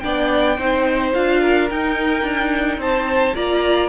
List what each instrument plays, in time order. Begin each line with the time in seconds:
0.00 cello B3, viola D4, violin D5 G5
0.58 cello C4, viola D#4, violin C5
1.14 cello D4, viola F4, violin F5
1.41 violin A#4
1.70 cello D#4, viola D#4, violin G5
2.23 cello D4
2.78 cello C4, violin C5 A5
3.36 cello A#3, viola F4, violin D5 A#5